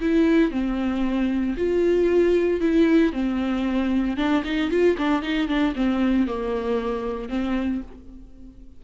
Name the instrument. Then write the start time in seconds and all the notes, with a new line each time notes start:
viola
0.00 E4
0.51 C4
1.57 F4
2.60 E4
3.12 C4
4.17 D4
4.44 D#4
4.70 F4
4.97 D4
5.22 D#4
5.47 D4
5.75 C4
6.27 A#3
7.29 C4